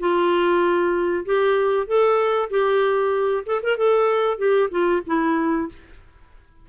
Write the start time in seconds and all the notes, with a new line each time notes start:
0.00 F4
1.26 G4
1.87 A4
2.51 G4
3.46 A4
3.63 A#4
3.78 A4
4.38 G4
4.71 F4
5.07 E4